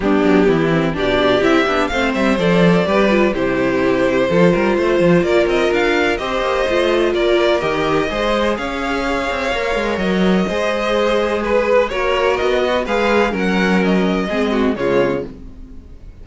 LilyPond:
<<
  \new Staff \with { instrumentName = "violin" } { \time 4/4 \tempo 4 = 126 g'2 d''4 e''4 | f''8 e''8 d''2 c''4~ | c''2. d''8 dis''8 | f''4 dis''2 d''4 |
dis''2 f''2~ | f''4 dis''2. | b'4 cis''4 dis''4 f''4 | fis''4 dis''2 cis''4 | }
  \new Staff \with { instrumentName = "violin" } { \time 4/4 d'4 e'4 g'2 | c''2 b'4 g'4~ | g'4 a'8 ais'8 c''4 ais'4~ | ais'4 c''2 ais'4~ |
ais'4 c''4 cis''2~ | cis''2 c''2 | b'4 ais'4. fis'8 b'4 | ais'2 gis'8 fis'8 f'4 | }
  \new Staff \with { instrumentName = "viola" } { \time 4/4 b4. c'8 d'4 e'8 d'8 | c'4 a'4 g'8 f'8 e'4~ | e'4 f'2.~ | f'4 g'4 f'2 |
g'4 gis'2. | ais'2 gis'2~ | gis'4 fis'2 gis'4 | cis'2 c'4 gis4 | }
  \new Staff \with { instrumentName = "cello" } { \time 4/4 g8 fis8 e4 b,4 c'8 b8 | a8 g8 f4 g4 c4~ | c4 f8 g8 a8 f8 ais8 c'8 | d'4 c'8 ais8 a4 ais4 |
dis4 gis4 cis'4. c'8 | ais8 gis8 fis4 gis2~ | gis4 ais4 b4 gis4 | fis2 gis4 cis4 | }
>>